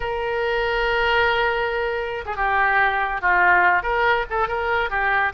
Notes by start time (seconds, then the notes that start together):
0.00 A#4
2.25 G#4
2.36 G4
3.21 F4
3.82 A#4
4.30 A4
4.48 A#4
4.90 G4